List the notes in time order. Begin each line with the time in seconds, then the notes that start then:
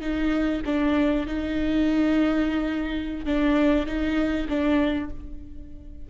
0.00 D#4
0.65 D4
1.26 D#4
3.25 D4
3.86 D#4
4.48 D4